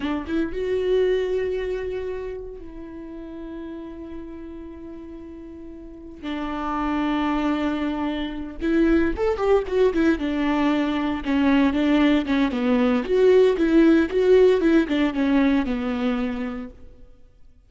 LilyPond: \new Staff \with { instrumentName = "viola" } { \time 4/4 \tempo 4 = 115 d'8 e'8 fis'2.~ | fis'4 e'2.~ | e'1 | d'1~ |
d'8 e'4 a'8 g'8 fis'8 e'8 d'8~ | d'4. cis'4 d'4 cis'8 | b4 fis'4 e'4 fis'4 | e'8 d'8 cis'4 b2 | }